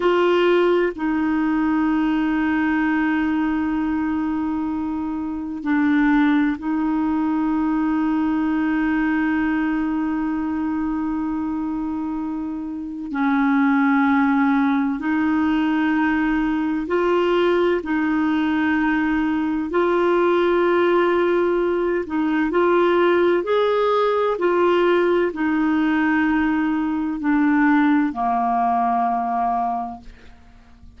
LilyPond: \new Staff \with { instrumentName = "clarinet" } { \time 4/4 \tempo 4 = 64 f'4 dis'2.~ | dis'2 d'4 dis'4~ | dis'1~ | dis'2 cis'2 |
dis'2 f'4 dis'4~ | dis'4 f'2~ f'8 dis'8 | f'4 gis'4 f'4 dis'4~ | dis'4 d'4 ais2 | }